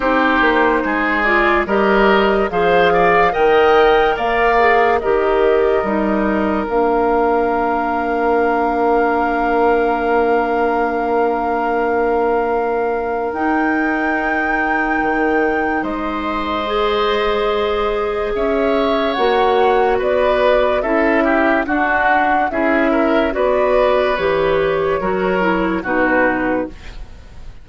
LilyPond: <<
  \new Staff \with { instrumentName = "flute" } { \time 4/4 \tempo 4 = 72 c''4. d''8 dis''4 f''4 | g''4 f''4 dis''2 | f''1~ | f''1 |
g''2. dis''4~ | dis''2 e''4 fis''4 | d''4 e''4 fis''4 e''4 | d''4 cis''2 b'4 | }
  \new Staff \with { instrumentName = "oboe" } { \time 4/4 g'4 gis'4 ais'4 c''8 d''8 | dis''4 d''4 ais'2~ | ais'1~ | ais'1~ |
ais'2. c''4~ | c''2 cis''2 | b'4 a'8 g'8 fis'4 gis'8 ais'8 | b'2 ais'4 fis'4 | }
  \new Staff \with { instrumentName = "clarinet" } { \time 4/4 dis'4. f'8 g'4 gis'4 | ais'4. gis'8 g'4 dis'4 | d'1~ | d'1 |
dis'1 | gis'2. fis'4~ | fis'4 e'4 d'4 e'4 | fis'4 g'4 fis'8 e'8 dis'4 | }
  \new Staff \with { instrumentName = "bassoon" } { \time 4/4 c'8 ais8 gis4 g4 f4 | dis4 ais4 dis4 g4 | ais1~ | ais1 |
dis'2 dis4 gis4~ | gis2 cis'4 ais4 | b4 cis'4 d'4 cis'4 | b4 e4 fis4 b,4 | }
>>